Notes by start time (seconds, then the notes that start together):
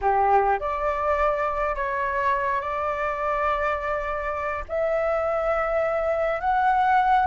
0.01 G4
0.59 D5
1.75 C#5
2.60 D5
4.68 E5
6.40 F#5